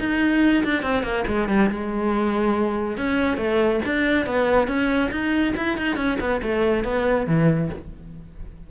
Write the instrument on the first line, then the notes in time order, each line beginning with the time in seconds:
cello
0.00 D#4
0.65 D4
0.83 C4
1.03 A#3
1.28 G#3
1.49 G3
1.70 G#3
2.98 C#4
3.37 A3
3.86 D4
4.27 B3
4.68 C#4
5.12 D#4
5.57 E4
5.78 D#4
5.97 C#4
6.20 B3
6.43 A3
6.85 B3
7.27 E3